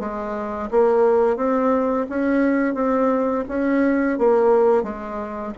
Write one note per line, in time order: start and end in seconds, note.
0.00 0.70 G#3
0.71 1.37 A#3
1.37 2.06 C4
2.10 2.75 C#4
2.75 3.45 C4
3.49 4.19 C#4
4.19 4.83 A#3
4.83 5.53 G#3